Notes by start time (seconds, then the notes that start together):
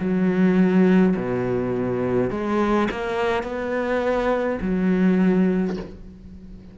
0.00 F#3
1.16 B2
2.31 G#3
2.91 A#3
3.44 B3
4.62 F#3